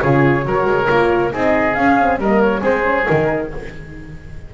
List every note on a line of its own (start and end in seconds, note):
0.00 0.45 C#3
0.00 0.43 F4
0.00 0.45 G#4
0.00 1.30 C#5
0.43 0.65 F#3
0.43 0.86 F#4
0.43 1.33 A#4
0.65 0.87 G#3
0.88 1.33 A#3
0.88 1.31 F4
1.31 1.77 C4
1.31 1.75 D#4
1.31 2.20 G#4
1.31 1.74 D#5
1.74 2.17 C#4
1.74 1.99 C#4
1.74 2.17 F5
2.00 2.21 C4
2.17 2.61 G3
2.17 2.60 A#3
2.17 2.60 A#4
2.17 2.41 D#5
2.41 2.63 C#5
2.60 3.07 G#3
2.60 2.82 C4
2.60 3.47 G#4
2.60 3.07 C5
2.83 3.05 C#4
3.07 3.54 D#3
3.07 3.51 D#4
3.07 3.50 A#4